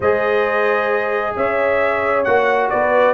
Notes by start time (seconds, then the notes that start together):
0.00 G#3 G#4 C5 D#5
1.36 C#4 C#5 E5
2.24 A#3 F#4 F#5
2.69 B3 B4 D5